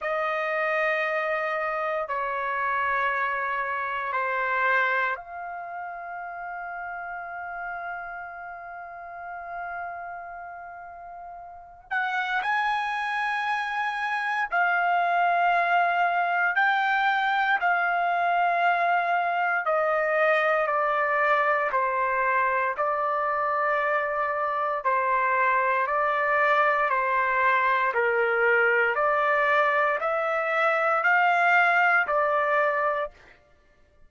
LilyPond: \new Staff \with { instrumentName = "trumpet" } { \time 4/4 \tempo 4 = 58 dis''2 cis''2 | c''4 f''2.~ | f''2.~ f''8 fis''8 | gis''2 f''2 |
g''4 f''2 dis''4 | d''4 c''4 d''2 | c''4 d''4 c''4 ais'4 | d''4 e''4 f''4 d''4 | }